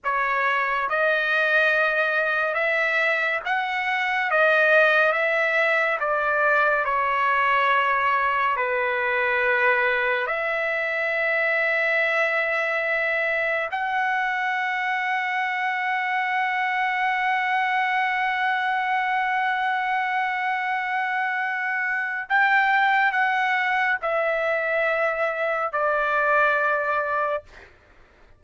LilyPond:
\new Staff \with { instrumentName = "trumpet" } { \time 4/4 \tempo 4 = 70 cis''4 dis''2 e''4 | fis''4 dis''4 e''4 d''4 | cis''2 b'2 | e''1 |
fis''1~ | fis''1~ | fis''2 g''4 fis''4 | e''2 d''2 | }